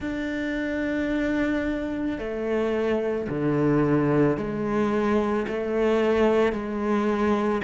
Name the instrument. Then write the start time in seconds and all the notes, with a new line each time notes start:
cello
0.00 D4
2.18 A3
3.29 D3
4.37 G#3
5.47 A3
6.52 G#3